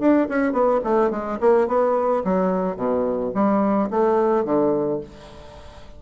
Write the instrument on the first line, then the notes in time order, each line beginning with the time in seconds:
bassoon
0.00 D4
0.29 C#4
0.53 B3
0.84 A3
1.11 G#3
1.41 A#3
1.68 B3
2.24 F#3
2.77 B2
3.35 G3
3.91 A3
4.45 D3